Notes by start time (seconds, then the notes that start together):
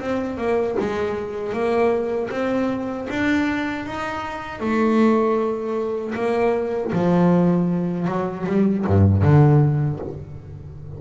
0.00 C4
0.37 A#3
0.79 G#3
1.53 A#3
2.31 C4
3.10 D4
3.86 D#4
4.60 A3
6.15 A#3
6.92 F3
8.08 F#3
8.47 G3
8.87 G2
9.23 D3